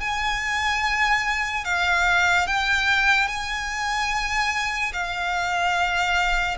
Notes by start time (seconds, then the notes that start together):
0.00 G#5
1.64 F5
2.47 G5
3.28 G#5
4.93 F5